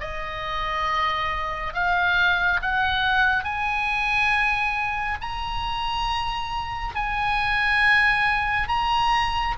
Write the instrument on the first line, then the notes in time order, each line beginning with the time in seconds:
oboe
0.00 D#5
1.74 F5
2.62 F#5
3.44 G#5
5.21 A#5
6.95 G#5
8.68 A#5